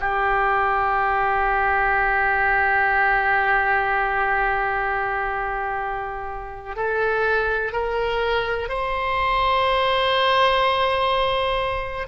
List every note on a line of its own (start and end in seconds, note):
0.00 6.76 G4
6.76 7.72 A4
7.72 8.69 A#4
8.69 12.07 C5